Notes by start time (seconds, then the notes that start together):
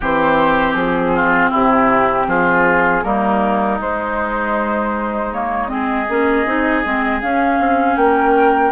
0.00 E3 C4 G4 C5
0.73 F3 G#4
1.15 F4
1.50 C3 E4 G4
2.26 F3 F4 G#4
3.03 G3 A#3 D#4 A#4
3.80 G#3 C5
5.32 A#3 C#5
5.67 C4 G#4 D#5
6.09 A#3 C#4
6.45 C4 D#4
6.84 G#3 C4
7.21 C#4 F5
7.59 C4
7.95 A#3 A#4 G5